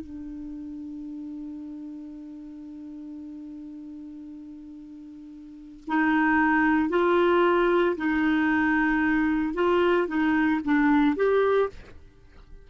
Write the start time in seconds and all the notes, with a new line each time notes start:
0.00 D4
5.87 D#4
6.89 F4
7.97 D#4
9.54 F4
10.07 D#4
10.64 D4
11.16 G4